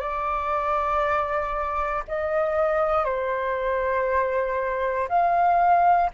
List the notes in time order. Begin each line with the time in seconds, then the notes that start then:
0.00 D5
2.08 D#5
3.05 C5
5.08 F5